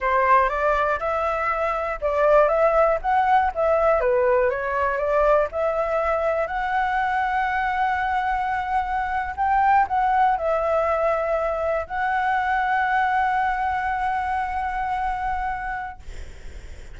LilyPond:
\new Staff \with { instrumentName = "flute" } { \time 4/4 \tempo 4 = 120 c''4 d''4 e''2 | d''4 e''4 fis''4 e''4 | b'4 cis''4 d''4 e''4~ | e''4 fis''2.~ |
fis''2~ fis''8. g''4 fis''16~ | fis''8. e''2. fis''16~ | fis''1~ | fis''1 | }